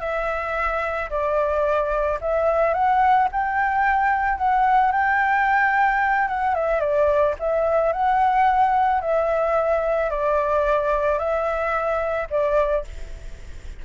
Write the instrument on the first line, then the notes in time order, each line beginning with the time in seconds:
flute
0.00 E5
1.10 D5
2.20 E5
2.73 F#5
3.31 G5
4.38 F#5
4.92 G5
6.28 F#5
6.55 E5
6.80 D5
7.39 E5
7.92 F#5
9.01 E5
10.10 D5
11.18 E5
12.30 D5